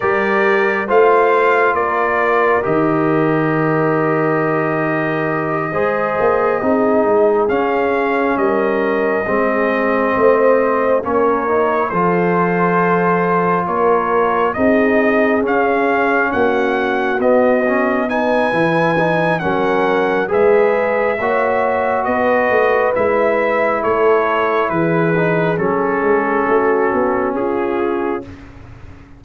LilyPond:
<<
  \new Staff \with { instrumentName = "trumpet" } { \time 4/4 \tempo 4 = 68 d''4 f''4 d''4 dis''4~ | dis''1~ | dis''8 f''4 dis''2~ dis''8~ | dis''8 cis''4 c''2 cis''8~ |
cis''8 dis''4 f''4 fis''4 dis''8~ | dis''8 gis''4. fis''4 e''4~ | e''4 dis''4 e''4 cis''4 | b'4 a'2 gis'4 | }
  \new Staff \with { instrumentName = "horn" } { \time 4/4 ais'4 c''4 ais'2~ | ais'2~ ais'8 c''4 gis'8~ | gis'4. ais'4 gis'4 c''8~ | c''8 ais'4 a'2 ais'8~ |
ais'8 gis'2 fis'4.~ | fis'8 b'4. ais'4 b'4 | cis''4 b'2 a'4 | gis'2 fis'4 f'4 | }
  \new Staff \with { instrumentName = "trombone" } { \time 4/4 g'4 f'2 g'4~ | g'2~ g'8 gis'4 dis'8~ | dis'8 cis'2 c'4.~ | c'8 cis'8 dis'8 f'2~ f'8~ |
f'8 dis'4 cis'2 b8 | cis'8 dis'8 e'8 dis'8 cis'4 gis'4 | fis'2 e'2~ | e'8 dis'8 cis'2. | }
  \new Staff \with { instrumentName = "tuba" } { \time 4/4 g4 a4 ais4 dis4~ | dis2~ dis8 gis8 ais8 c'8 | gis8 cis'4 g4 gis4 a8~ | a8 ais4 f2 ais8~ |
ais8 c'4 cis'4 ais4 b8~ | b4 e4 fis4 gis4 | ais4 b8 a8 gis4 a4 | e4 fis8 gis8 a8 b8 cis'4 | }
>>